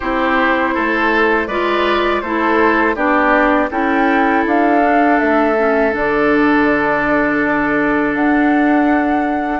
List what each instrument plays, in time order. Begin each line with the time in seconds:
0.00 bassoon C4, clarinet E4, oboe G4, flute C5
0.74 bassoon A3, oboe A4
1.47 bassoon G#3, clarinet F4, oboe B4, flute D5
2.21 bassoon A3, clarinet E4, oboe A4, flute C5
2.95 bassoon B3, clarinet D4, oboe G4, flute D5
3.70 bassoon C#4, clarinet E4, oboe A4, flute G5
4.46 bassoon D4, flute F5
4.81 clarinet D4
5.19 bassoon A3, flute E5
5.57 clarinet C#4
5.91 bassoon D3, clarinet D4, flute D5
8.14 bassoon D4, flute F#5